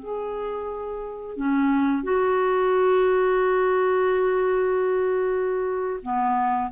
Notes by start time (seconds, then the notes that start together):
0.00 G#4
1.37 C#4
2.03 F#4
6.03 B3